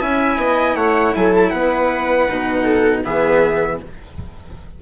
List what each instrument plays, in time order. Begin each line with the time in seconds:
0.00 bassoon C#4, cello E4, viola E5, trumpet G#5
0.37 bassoon B3, viola D#5
0.75 bassoon A3, viola C#5, trumpet F#5
1.15 bassoon F#3, viola A4, trumpet G#5
1.36 trumpet A5
1.50 bassoon B3, viola B4, trumpet F#5
2.30 bassoon B2, cello D#4
2.64 viola A4
3.04 bassoon E3, cello B3, viola G#4, trumpet E5